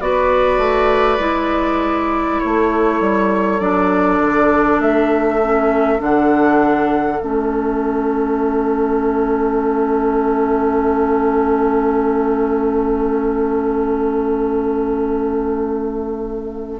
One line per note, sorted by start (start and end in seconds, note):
0.00 0.58 B3
0.00 1.19 F#4
0.00 2.43 B4
0.00 2.40 D5
0.58 1.18 A3
1.19 2.39 G#3
1.19 3.58 E4
2.40 3.00 A3
2.40 16.80 A4
2.40 3.60 C#5
3.00 3.60 G3
3.60 4.20 F#3
3.60 5.40 D4
3.60 4.80 D5
4.21 4.79 D3
4.79 5.99 A3
4.79 6.01 E5
5.42 5.98 C#4
5.98 7.21 D3
5.98 7.18 D4
5.98 7.21 F#5
7.21 16.80 A3
7.21 16.80 C#4
7.21 16.80 E5